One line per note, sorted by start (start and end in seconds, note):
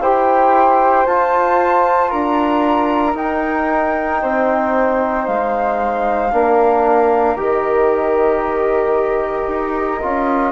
0.00 1.05 E4
0.00 1.06 G4
0.00 2.10 C5
0.00 1.06 G5
1.06 2.11 F4
1.06 3.14 F4
1.06 2.10 A5
2.10 3.15 D4
2.10 4.20 A#4
2.10 3.16 A#5
3.14 6.30 D#4
3.14 4.20 D#4
3.14 5.27 G5
4.21 5.27 C4
4.21 6.32 C5
5.27 6.32 G#3
5.27 7.37 F5
6.31 7.36 A#3
6.31 7.36 D4
6.31 10.52 A#4
7.36 9.46 D#3
7.36 10.00 G4
7.36 10.52 D#5
9.47 9.99 D#4
10.01 10.52 C#4
10.01 10.52 F4